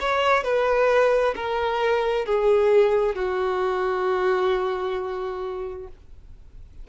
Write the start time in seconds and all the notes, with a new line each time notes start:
0.00 C#5
0.43 B4
1.36 A#4
2.26 G#4
3.15 F#4